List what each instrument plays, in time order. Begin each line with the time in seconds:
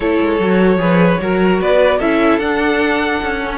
0.00 cello A3, viola E4, violin A4 C#5
0.20 cello G#3
0.39 cello F#3, viola F#4
0.76 cello F3, viola G#4, violin B4
1.21 cello F#3, viola F#4, violin A#4
1.61 cello B3, violin B4 D5
1.98 cello C#4, viola E4, violin A4 E5
2.38 cello D4, viola D4, violin F#5
3.21 cello C#4
3.43 viola C#4